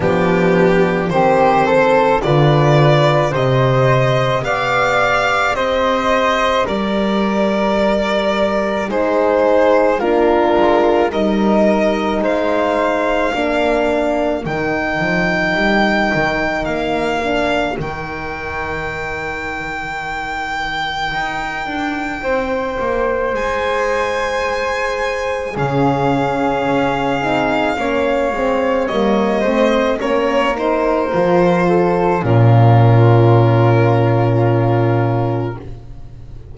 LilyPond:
<<
  \new Staff \with { instrumentName = "violin" } { \time 4/4 \tempo 4 = 54 g'4 c''4 d''4 dis''4 | f''4 dis''4 d''2 | c''4 ais'4 dis''4 f''4~ | f''4 g''2 f''4 |
g''1~ | g''4 gis''2 f''4~ | f''2 dis''4 cis''8 c''8~ | c''4 ais'2. | }
  \new Staff \with { instrumentName = "flute" } { \time 4/4 d'4 g'8 a'8 b'4 c''4 | d''4 c''4 ais'2 | gis'4 f'4 ais'4 c''4 | ais'1~ |
ais'1 | c''2. gis'4~ | gis'4 cis''4. c''8 ais'4~ | ais'8 a'8 f'2. | }
  \new Staff \with { instrumentName = "horn" } { \time 4/4 b4 c'4 f'4 g'4~ | g'1 | dis'4 d'4 dis'2 | d'4 dis'2~ dis'8 d'8 |
dis'1~ | dis'2. cis'4~ | cis'8 dis'8 cis'8 c'8 ais8 c'8 cis'8 dis'8 | f'4 cis'2. | }
  \new Staff \with { instrumentName = "double bass" } { \time 4/4 f4 dis4 d4 c4 | b4 c'4 g2 | gis4 ais8 gis8 g4 gis4 | ais4 dis8 f8 g8 dis8 ais4 |
dis2. dis'8 d'8 | c'8 ais8 gis2 cis4 | cis'8 c'8 ais8 gis8 g8 a8 ais4 | f4 ais,2. | }
>>